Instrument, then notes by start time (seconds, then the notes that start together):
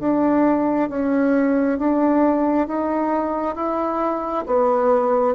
bassoon
0.00 D4
0.89 C#4
1.78 D4
2.67 D#4
3.55 E4
4.46 B3